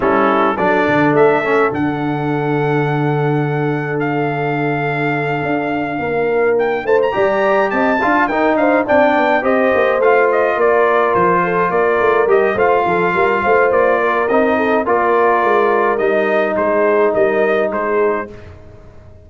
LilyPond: <<
  \new Staff \with { instrumentName = "trumpet" } { \time 4/4 \tempo 4 = 105 a'4 d''4 e''4 fis''4~ | fis''2. f''4~ | f''2.~ f''8 g''8 | a''16 ais''4~ ais''16 a''4 g''8 f''8 g''8~ |
g''8 dis''4 f''8 dis''8 d''4 c''8~ | c''8 d''4 dis''8 f''2 | d''4 dis''4 d''2 | dis''4 c''4 dis''4 c''4 | }
  \new Staff \with { instrumentName = "horn" } { \time 4/4 e'4 a'2.~ | a'1~ | a'2~ a'8 ais'4. | c''8 d''4 dis''8 f''8 ais'8 c''8 d''8~ |
d''8 c''2 ais'4. | a'8 ais'4. c''8 a'8 ais'8 c''8~ | c''8 ais'4 a'8 ais'2~ | ais'4 gis'4 ais'4 gis'4 | }
  \new Staff \with { instrumentName = "trombone" } { \time 4/4 cis'4 d'4. cis'8 d'4~ | d'1~ | d'1~ | d'8 g'4. f'8 dis'4 d'8~ |
d'8 g'4 f'2~ f'8~ | f'4. g'8 f'2~ | f'4 dis'4 f'2 | dis'1 | }
  \new Staff \with { instrumentName = "tuba" } { \time 4/4 g4 fis8 d8 a4 d4~ | d1~ | d4. d'4 ais4. | a8 g4 c'8 d'8 dis'8 d'8 c'8 |
b8 c'8 ais8 a4 ais4 f8~ | f8 ais8 a8 g8 a8 f8 g8 a8 | ais4 c'4 ais4 gis4 | g4 gis4 g4 gis4 | }
>>